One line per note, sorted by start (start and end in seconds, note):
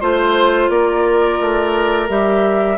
0.00 0.69 A3
0.00 2.09 F4
0.00 0.70 C5
0.00 0.69 C5
0.69 1.39 A#3
0.69 2.77 A#4
0.69 2.09 D5
1.40 2.09 A3
2.09 2.77 G3
2.09 2.77 G4
2.09 2.77 E5